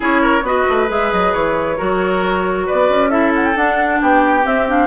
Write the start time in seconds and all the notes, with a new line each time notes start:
0.00 C#4 E4 G#4 C#5
0.21 A#4
0.42 B3 F#4 B4 D#5
0.69 A3
0.87 G#3 G#4 E5
1.12 F#3 D#5
1.33 E3 C#5
1.77 F#3 F#4 A#4
2.66 B3 B4 D5
2.89 C#4
3.10 E4 A4 E5
3.35 F#5
3.45 G5
3.54 D4 F#5
4.01 B3 G4 G5
4.43 C4 E5
4.67 D4 F5